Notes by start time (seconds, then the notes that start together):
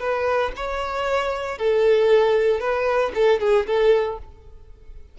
0.00 B4
0.56 C#5
1.58 A4
2.60 B4
3.15 A4
3.40 G#4
3.67 A4